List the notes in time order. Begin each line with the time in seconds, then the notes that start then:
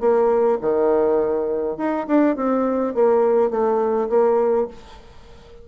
0.00 A#3
0.61 D#3
1.77 D#4
2.07 D4
2.36 C4
2.94 A#3
3.50 A3
4.09 A#3